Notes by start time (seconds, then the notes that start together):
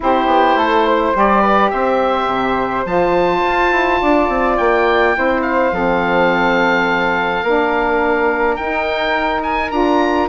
0.00 C4 E4 G4 C5
0.25 B3
0.55 A3 A4
0.86 C5
1.13 G3 G4 D5
1.41 B4
1.70 C4 C5 E5
2.26 C3
2.85 F3 F4 A5
3.44 F4
3.71 E4
4.01 D4 D5
4.28 C4
4.57 A#3 G5
5.14 C4 E4 C5
5.41 F5
5.72 F3 C4 A4
7.43 A#3 D4 A#4
8.56 D#4 G5
9.42 G#5
9.70 D4 F4 A#5